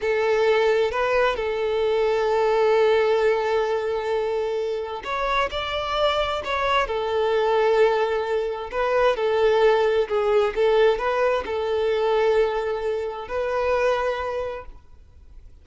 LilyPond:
\new Staff \with { instrumentName = "violin" } { \time 4/4 \tempo 4 = 131 a'2 b'4 a'4~ | a'1~ | a'2. cis''4 | d''2 cis''4 a'4~ |
a'2. b'4 | a'2 gis'4 a'4 | b'4 a'2.~ | a'4 b'2. | }